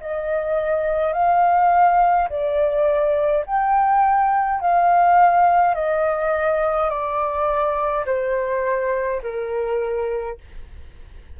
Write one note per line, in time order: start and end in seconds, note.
0.00 1.13 D#5
1.13 2.28 F5
2.29 3.45 D5
3.46 4.60 G5
4.60 5.74 F5
5.74 6.89 D#5
6.89 8.05 D5
8.06 9.21 C5
9.22 10.37 A#4